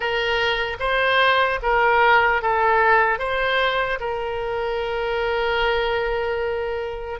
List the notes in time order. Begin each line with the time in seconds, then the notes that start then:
0.00 A#4
0.79 C5
1.62 A#4
2.41 A4
3.19 C5
4.00 A#4